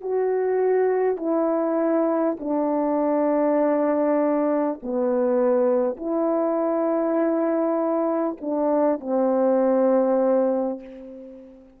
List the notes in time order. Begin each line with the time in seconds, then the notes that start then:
0.00 F#4
1.17 E4
2.39 D4
4.82 B3
5.96 E4
8.40 D4
8.99 C4